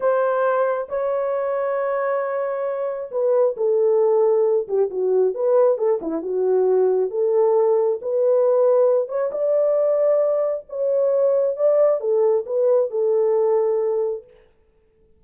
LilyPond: \new Staff \with { instrumentName = "horn" } { \time 4/4 \tempo 4 = 135 c''2 cis''2~ | cis''2. b'4 | a'2~ a'8 g'8 fis'4 | b'4 a'8 e'8 fis'2 |
a'2 b'2~ | b'8 cis''8 d''2. | cis''2 d''4 a'4 | b'4 a'2. | }